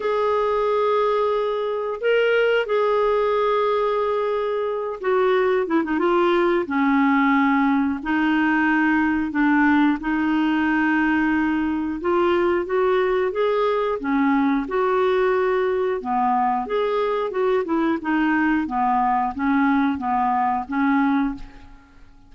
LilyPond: \new Staff \with { instrumentName = "clarinet" } { \time 4/4 \tempo 4 = 90 gis'2. ais'4 | gis'2.~ gis'8 fis'8~ | fis'8 e'16 dis'16 f'4 cis'2 | dis'2 d'4 dis'4~ |
dis'2 f'4 fis'4 | gis'4 cis'4 fis'2 | b4 gis'4 fis'8 e'8 dis'4 | b4 cis'4 b4 cis'4 | }